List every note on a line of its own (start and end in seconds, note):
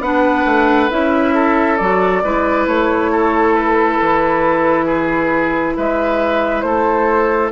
0.00 0.44 B3
0.00 0.90 D4
0.00 1.34 B4
0.00 0.90 F#5
0.45 0.90 A3
0.90 1.80 C#4
0.90 1.78 E4
0.90 1.78 E5
1.34 2.22 A4
1.78 2.24 F#3
1.78 2.23 F#4
1.78 2.66 D5
2.24 2.67 G#3
2.24 7.52 E4
2.24 3.12 B4
2.67 3.99 A3
2.67 3.55 C#5
3.12 4.85 A4
3.55 5.76 B4
4.00 5.77 E3
4.85 5.74 G#4
5.77 6.63 G#3
5.77 6.65 B4
5.77 6.61 E5
6.61 7.51 A3
6.61 7.52 A4
6.61 7.49 C5